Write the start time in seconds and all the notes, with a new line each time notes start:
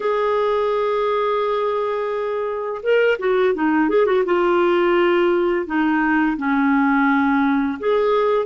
0.00 G#4
2.82 A#4
3.19 F#4
3.54 D#4
3.89 G#4
4.06 F#4
4.25 F4
5.66 D#4
6.37 C#4
7.79 G#4